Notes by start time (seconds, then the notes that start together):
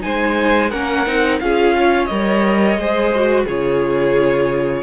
0.00 G#3 D#4 C5 G#5
0.70 A#3 C#4 A#4 F#5
1.06 C4 D#4
1.40 C#4 F4 G#4 F5
1.78 C#5
2.06 G3 A#4 D#5
2.77 G#3 G#4 C5
3.16 F#4
3.45 C#3 F4 G#4 C#5